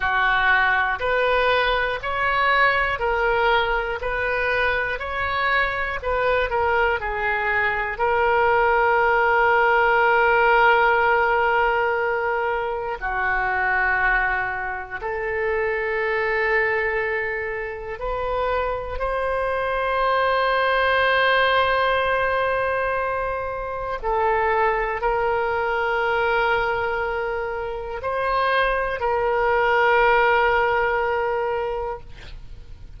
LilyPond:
\new Staff \with { instrumentName = "oboe" } { \time 4/4 \tempo 4 = 60 fis'4 b'4 cis''4 ais'4 | b'4 cis''4 b'8 ais'8 gis'4 | ais'1~ | ais'4 fis'2 a'4~ |
a'2 b'4 c''4~ | c''1 | a'4 ais'2. | c''4 ais'2. | }